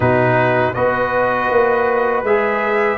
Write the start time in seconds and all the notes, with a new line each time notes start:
0.00 B2 D#4 F#4 B4
0.73 B3 F#4 B4 D#5
1.50 A#3
2.23 G#3 G#4 E5